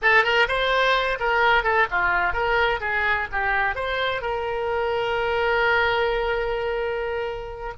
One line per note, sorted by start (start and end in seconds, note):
0.01 0.23 A4
0.23 0.47 A#4
0.48 1.18 C5
1.19 1.63 A#4
1.63 1.86 A4
1.90 2.33 F4
2.33 2.80 A#4
2.80 3.27 G#4
3.32 3.75 G4
3.75 4.21 C5
4.21 7.73 A#4